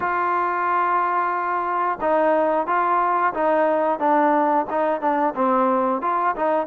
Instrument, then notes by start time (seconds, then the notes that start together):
trombone
0.00 F4
2.00 D#4
2.66 F4
3.33 D#4
3.99 D4
4.70 D#4
5.00 D4
5.35 C4
6.02 F4
6.35 D#4